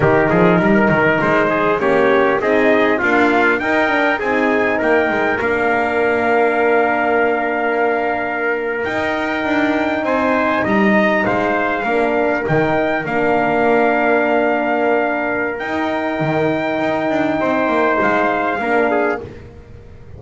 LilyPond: <<
  \new Staff \with { instrumentName = "trumpet" } { \time 4/4 \tempo 4 = 100 ais'2 c''4 cis''4 | dis''4 f''4 g''4 gis''4 | g''4 f''2.~ | f''2~ f''8. g''4~ g''16~ |
g''8. gis''4 ais''4 f''4~ f''16~ | f''8. g''4 f''2~ f''16~ | f''2 g''2~ | g''2 f''2 | }
  \new Staff \with { instrumentName = "trumpet" } { \time 4/4 g'8 gis'8 ais'4. gis'8 g'4 | gis'4 f'4 ais'4 gis'4 | ais'1~ | ais'1~ |
ais'8. c''4 dis''4 c''4 ais'16~ | ais'1~ | ais'1~ | ais'4 c''2 ais'8 gis'8 | }
  \new Staff \with { instrumentName = "horn" } { \time 4/4 dis'2. cis'4 | dis'4 ais4 dis'8 d'8 dis'4~ | dis'4 d'2.~ | d'2~ d'8. dis'4~ dis'16~ |
dis'2.~ dis'8. d'16~ | d'8. dis'4 d'2~ d'16~ | d'2 dis'2~ | dis'2. d'4 | }
  \new Staff \with { instrumentName = "double bass" } { \time 4/4 dis8 f8 g8 dis8 gis4 ais4 | c'4 d'4 dis'4 c'4 | ais8 gis8 ais2.~ | ais2~ ais8. dis'4 d'16~ |
d'8. c'4 g4 gis4 ais16~ | ais8. dis4 ais2~ ais16~ | ais2 dis'4 dis4 | dis'8 d'8 c'8 ais8 gis4 ais4 | }
>>